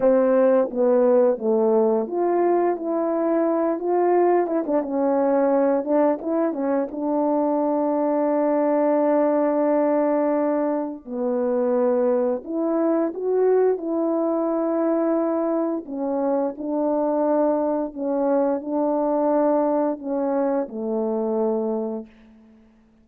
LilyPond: \new Staff \with { instrumentName = "horn" } { \time 4/4 \tempo 4 = 87 c'4 b4 a4 f'4 | e'4. f'4 e'16 d'16 cis'4~ | cis'8 d'8 e'8 cis'8 d'2~ | d'1 |
b2 e'4 fis'4 | e'2. cis'4 | d'2 cis'4 d'4~ | d'4 cis'4 a2 | }